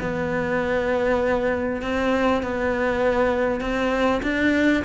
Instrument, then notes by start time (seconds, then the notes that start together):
cello
0.00 B3
1.82 C4
2.42 B3
3.60 C4
4.22 D4